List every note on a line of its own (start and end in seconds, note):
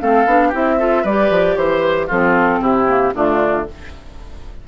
0.00 0.25 A3
0.00 0.26 C4
0.00 0.48 A4
0.00 0.52 F5
0.25 0.51 B3
0.25 0.53 D4
0.48 1.04 C4
0.48 0.78 E4
0.48 0.74 G4
0.55 1.05 E5
0.78 1.04 F4
0.78 1.02 A4
1.02 1.30 G3
1.02 2.10 G4
1.02 1.54 B4
1.02 1.57 D5
1.30 1.56 F3
1.56 2.08 E3
1.56 1.80 C5
1.56 2.07 C5
1.80 2.06 B4
2.07 2.60 F3
2.07 2.86 C4
2.07 2.59 F4
2.07 2.62 A4
2.60 3.12 C3
2.60 3.13 E4
2.60 3.14 G4
2.86 3.12 A#3
3.14 3.66 D3
3.14 3.67 A3
3.14 3.67 D4
3.14 3.67 F4